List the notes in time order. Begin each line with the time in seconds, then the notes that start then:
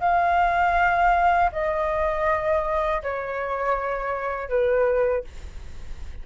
0.00 F5
1.52 D#5
3.02 C#5
4.49 B4